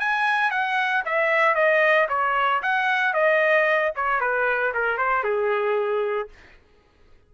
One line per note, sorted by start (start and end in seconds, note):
0.00 0.51 G#5
0.51 1.04 F#5
1.06 1.56 E5
1.56 2.08 D#5
2.09 2.62 C#5
2.63 3.14 F#5
3.14 3.93 D#5
3.96 4.21 C#5
4.21 4.73 B4
4.74 4.98 A#4
4.98 5.24 C5
5.24 6.29 G#4